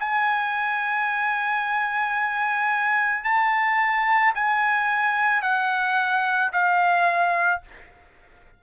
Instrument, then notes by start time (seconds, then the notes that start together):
trumpet
0.00 G#5
3.24 A5
4.35 G#5
5.42 F#5
6.53 F5